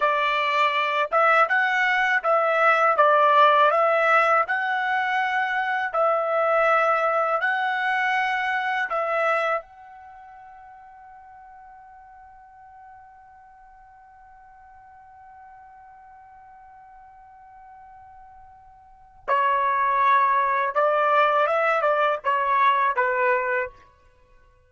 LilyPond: \new Staff \with { instrumentName = "trumpet" } { \time 4/4 \tempo 4 = 81 d''4. e''8 fis''4 e''4 | d''4 e''4 fis''2 | e''2 fis''2 | e''4 fis''2.~ |
fis''1~ | fis''1~ | fis''2 cis''2 | d''4 e''8 d''8 cis''4 b'4 | }